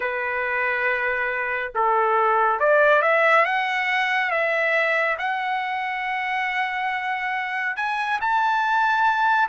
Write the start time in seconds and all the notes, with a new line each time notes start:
0.00 B4
1.74 A4
2.59 D5
3.02 E5
3.45 F#5
4.30 E5
5.18 F#5
7.76 G#5
8.20 A5